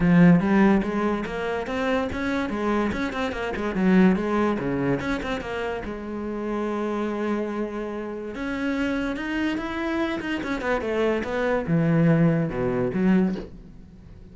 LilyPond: \new Staff \with { instrumentName = "cello" } { \time 4/4 \tempo 4 = 144 f4 g4 gis4 ais4 | c'4 cis'4 gis4 cis'8 c'8 | ais8 gis8 fis4 gis4 cis4 | cis'8 c'8 ais4 gis2~ |
gis1 | cis'2 dis'4 e'4~ | e'8 dis'8 cis'8 b8 a4 b4 | e2 b,4 fis4 | }